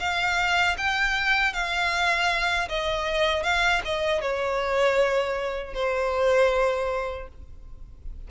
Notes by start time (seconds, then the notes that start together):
0.00 F5
0.78 G5
1.53 F5
2.69 D#5
3.44 F5
3.85 D#5
4.22 C#5
5.74 C5